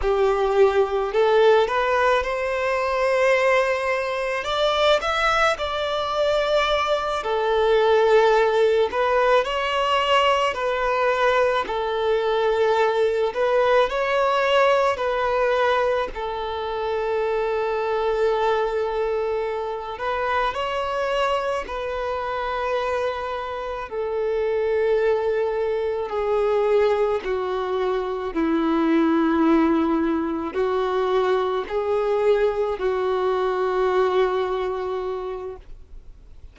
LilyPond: \new Staff \with { instrumentName = "violin" } { \time 4/4 \tempo 4 = 54 g'4 a'8 b'8 c''2 | d''8 e''8 d''4. a'4. | b'8 cis''4 b'4 a'4. | b'8 cis''4 b'4 a'4.~ |
a'2 b'8 cis''4 b'8~ | b'4. a'2 gis'8~ | gis'8 fis'4 e'2 fis'8~ | fis'8 gis'4 fis'2~ fis'8 | }